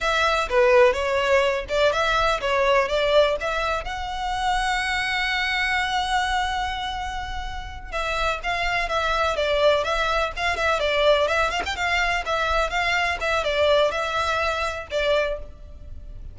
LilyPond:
\new Staff \with { instrumentName = "violin" } { \time 4/4 \tempo 4 = 125 e''4 b'4 cis''4. d''8 | e''4 cis''4 d''4 e''4 | fis''1~ | fis''1~ |
fis''8 e''4 f''4 e''4 d''8~ | d''8 e''4 f''8 e''8 d''4 e''8 | f''16 g''16 f''4 e''4 f''4 e''8 | d''4 e''2 d''4 | }